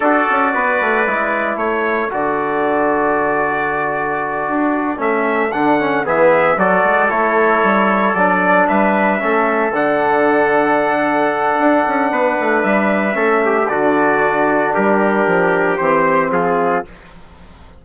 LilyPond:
<<
  \new Staff \with { instrumentName = "trumpet" } { \time 4/4 \tempo 4 = 114 d''2. cis''4 | d''1~ | d''4. e''4 fis''4 e''8~ | e''8 d''4 cis''2 d''8~ |
d''8 e''2 fis''4.~ | fis''1 | e''2 d''2 | ais'2 c''4 gis'4 | }
  \new Staff \with { instrumentName = "trumpet" } { \time 4/4 a'4 b'2 a'4~ | a'1~ | a'2.~ a'8 gis'8~ | gis'8 a'2.~ a'8~ |
a'8 b'4 a'2~ a'8~ | a'2. b'4~ | b'4 a'8 g'8 fis'2 | g'2. f'4 | }
  \new Staff \with { instrumentName = "trombone" } { \time 4/4 fis'2 e'2 | fis'1~ | fis'4. cis'4 d'8 cis'8 b8~ | b8 fis'4 e'2 d'8~ |
d'4. cis'4 d'4.~ | d'1~ | d'4 cis'4 d'2~ | d'2 c'2 | }
  \new Staff \with { instrumentName = "bassoon" } { \time 4/4 d'8 cis'8 b8 a8 gis4 a4 | d1~ | d8 d'4 a4 d4 e8~ | e8 fis8 gis8 a4 g4 fis8~ |
fis8 g4 a4 d4.~ | d2 d'8 cis'8 b8 a8 | g4 a4 d2 | g4 f4 e4 f4 | }
>>